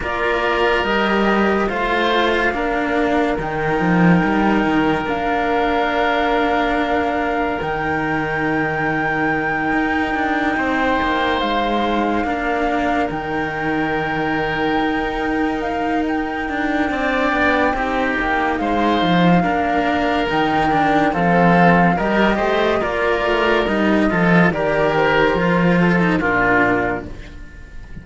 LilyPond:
<<
  \new Staff \with { instrumentName = "flute" } { \time 4/4 \tempo 4 = 71 d''4 dis''4 f''2 | g''2 f''2~ | f''4 g''2.~ | g''4. f''2 g''8~ |
g''2~ g''8 f''8 g''4~ | g''2 f''2 | g''4 f''4 dis''4 d''4 | dis''4 d''8 c''4. ais'4 | }
  \new Staff \with { instrumentName = "oboe" } { \time 4/4 ais'2 c''4 ais'4~ | ais'1~ | ais'1~ | ais'8 c''2 ais'4.~ |
ais'1 | d''4 g'4 c''4 ais'4~ | ais'4 a'4 ais'8 c''8 ais'4~ | ais'8 a'8 ais'4. a'8 f'4 | }
  \new Staff \with { instrumentName = "cello" } { \time 4/4 f'4 g'4 f'4 d'4 | dis'2 d'2~ | d'4 dis'2.~ | dis'2~ dis'8 d'4 dis'8~ |
dis'1 | d'4 dis'2 d'4 | dis'8 d'8 c'4 g'4 f'4 | dis'8 f'8 g'4 f'8. dis'16 d'4 | }
  \new Staff \with { instrumentName = "cello" } { \time 4/4 ais4 g4 a4 ais4 | dis8 f8 g8 dis8 ais2~ | ais4 dis2~ dis8 dis'8 | d'8 c'8 ais8 gis4 ais4 dis8~ |
dis4. dis'2 d'8 | c'8 b8 c'8 ais8 gis8 f8 ais4 | dis4 f4 g8 a8 ais8 a8 | g8 f8 dis4 f4 ais,4 | }
>>